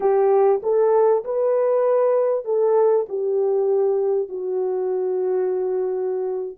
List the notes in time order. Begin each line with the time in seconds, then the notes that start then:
0.00 G4
0.62 A4
1.24 B4
2.44 A4
3.09 G4
4.29 F#4